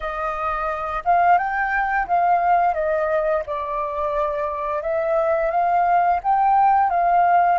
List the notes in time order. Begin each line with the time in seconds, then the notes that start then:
0.00 D#5
1.04 F5
1.38 G5
2.07 F5
2.73 D#5
3.46 D5
4.82 E5
5.50 F5
6.23 G5
6.90 F5